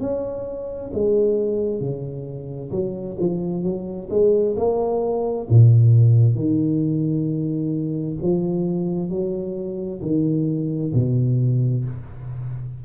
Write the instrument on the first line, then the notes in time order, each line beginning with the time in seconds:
tuba
0.00 C#4
0.93 G#3
1.80 C#3
2.71 F#3
3.19 F3
3.63 F#3
4.10 G#3
4.56 A#3
5.49 A#2
6.35 D#3
8.21 F3
9.10 F#3
10.01 D#3
10.94 B2